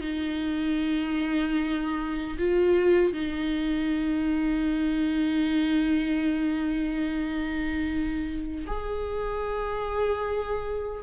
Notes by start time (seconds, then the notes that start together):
0.00 D#4
2.38 F4
3.13 D#4
8.67 G#4